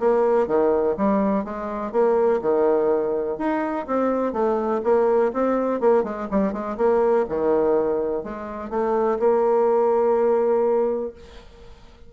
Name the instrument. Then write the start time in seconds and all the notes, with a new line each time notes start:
bassoon
0.00 A#3
0.47 D#3
0.97 G3
1.45 G#3
1.92 A#3
2.42 D#3
3.38 D#4
3.87 C4
4.33 A3
4.84 A#3
5.34 C4
5.80 A#3
6.04 G#3
6.31 G3
6.53 G#3
6.77 A#3
7.29 D#3
8.24 G#3
8.70 A3
9.19 A#3